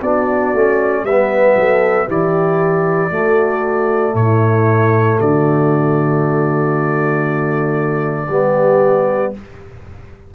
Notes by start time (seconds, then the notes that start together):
0.00 B3 D4 F#4 D5
0.53 A3 C#4
1.03 G3 B3 B4 E5
1.56 F#3 A4
2.07 E3 E4 G4 D5
3.10 A3 F#4
4.14 A2 E4 C#5
5.19 D3 F#4 D5
8.28 G3 B3 G4